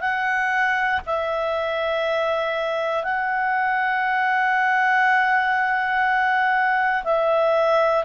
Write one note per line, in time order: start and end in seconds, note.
0.00 1.00 F#5
1.05 3.04 E5
3.04 7.04 F#5
7.04 8.04 E5